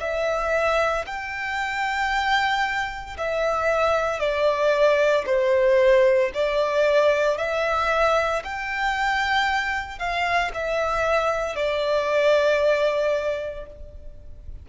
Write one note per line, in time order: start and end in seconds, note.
0.00 1.05 E5
1.06 3.17 G5
3.18 4.20 E5
4.20 5.25 D5
5.26 6.32 C5
6.34 7.37 D5
7.37 8.43 E5
8.44 9.99 G5
9.99 10.51 F5
10.54 11.56 E5
11.56 13.66 D5